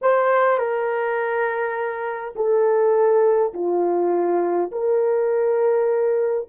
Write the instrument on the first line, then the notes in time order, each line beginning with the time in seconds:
horn
0.01 C5
0.58 A#4
2.35 A4
3.53 F4
4.71 A#4